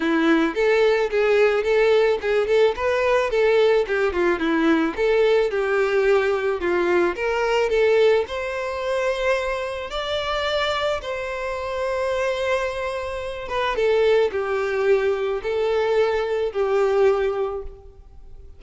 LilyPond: \new Staff \with { instrumentName = "violin" } { \time 4/4 \tempo 4 = 109 e'4 a'4 gis'4 a'4 | gis'8 a'8 b'4 a'4 g'8 f'8 | e'4 a'4 g'2 | f'4 ais'4 a'4 c''4~ |
c''2 d''2 | c''1~ | c''8 b'8 a'4 g'2 | a'2 g'2 | }